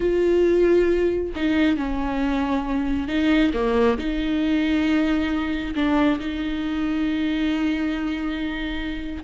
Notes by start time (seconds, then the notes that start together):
0.00 F4
1.35 D#4
1.76 C#4
3.07 D#4
3.53 A#3
3.97 D#4
5.75 D4
6.19 D#4